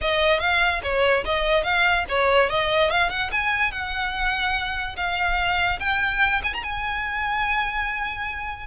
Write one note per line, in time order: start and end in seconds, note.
0.01 0.39 D#5
0.39 0.81 F5
0.83 1.24 C#5
1.24 1.63 D#5
1.63 2.05 F5
2.08 2.49 C#5
2.49 2.90 D#5
2.90 3.09 F5
3.09 3.30 F#5
3.31 3.71 G#5
3.71 4.95 F#5
4.96 5.79 F5
5.79 6.41 G5
6.43 6.53 G#5
6.53 6.63 A#5
6.63 8.67 G#5